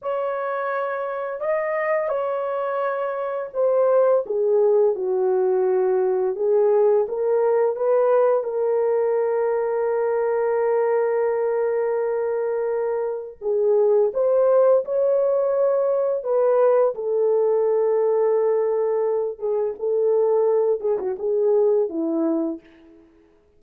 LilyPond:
\new Staff \with { instrumentName = "horn" } { \time 4/4 \tempo 4 = 85 cis''2 dis''4 cis''4~ | cis''4 c''4 gis'4 fis'4~ | fis'4 gis'4 ais'4 b'4 | ais'1~ |
ais'2. gis'4 | c''4 cis''2 b'4 | a'2.~ a'8 gis'8 | a'4. gis'16 fis'16 gis'4 e'4 | }